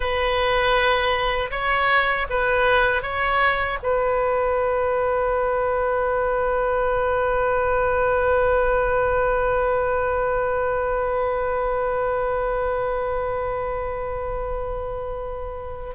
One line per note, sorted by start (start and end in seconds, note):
0.00 1.50 B4
1.50 2.26 C#5
2.29 3.02 B4
3.02 3.78 C#5
3.82 15.94 B4